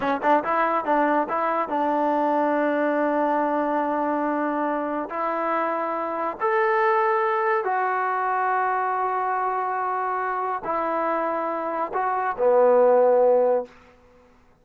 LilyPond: \new Staff \with { instrumentName = "trombone" } { \time 4/4 \tempo 4 = 141 cis'8 d'8 e'4 d'4 e'4 | d'1~ | d'1 | e'2. a'4~ |
a'2 fis'2~ | fis'1~ | fis'4 e'2. | fis'4 b2. | }